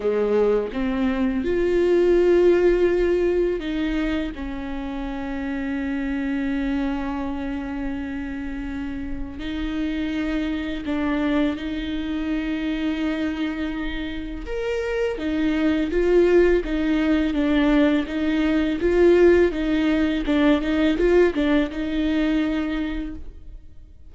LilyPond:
\new Staff \with { instrumentName = "viola" } { \time 4/4 \tempo 4 = 83 gis4 c'4 f'2~ | f'4 dis'4 cis'2~ | cis'1~ | cis'4 dis'2 d'4 |
dis'1 | ais'4 dis'4 f'4 dis'4 | d'4 dis'4 f'4 dis'4 | d'8 dis'8 f'8 d'8 dis'2 | }